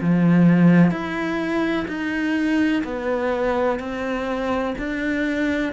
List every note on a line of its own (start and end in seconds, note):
0.00 0.90 F3
0.90 1.86 E4
1.87 2.83 D#4
2.84 3.79 B3
3.79 4.74 C4
4.78 5.73 D4